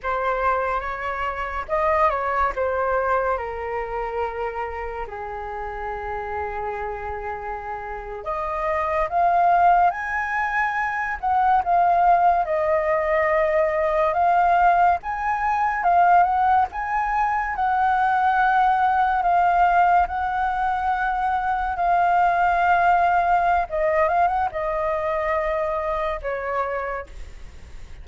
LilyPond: \new Staff \with { instrumentName = "flute" } { \time 4/4 \tempo 4 = 71 c''4 cis''4 dis''8 cis''8 c''4 | ais'2 gis'2~ | gis'4.~ gis'16 dis''4 f''4 gis''16~ | gis''4~ gis''16 fis''8 f''4 dis''4~ dis''16~ |
dis''8. f''4 gis''4 f''8 fis''8 gis''16~ | gis''8. fis''2 f''4 fis''16~ | fis''4.~ fis''16 f''2~ f''16 | dis''8 f''16 fis''16 dis''2 cis''4 | }